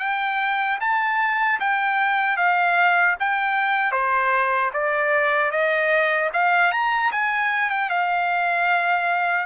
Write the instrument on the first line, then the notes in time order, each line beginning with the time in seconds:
trumpet
0.00 G5
0.81 A5
1.60 G5
2.37 F5
3.20 G5
3.92 C5
4.74 D5
5.52 D#5
6.33 F5
6.72 A#5
7.12 G#5
7.70 G5
7.90 F5